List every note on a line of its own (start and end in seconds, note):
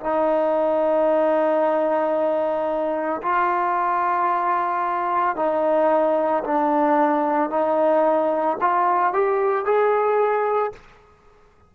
0.00 3.21 D#4
3.22 5.36 F4
5.36 6.43 D#4
6.43 7.50 D4
7.50 8.57 D#4
8.61 9.13 F4
9.13 9.65 G4
9.65 10.72 G#4